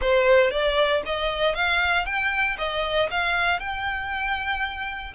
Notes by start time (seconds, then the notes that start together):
0.01 C5
0.50 D5
1.05 D#5
1.55 F5
2.05 G5
2.58 D#5
3.10 F5
3.59 G5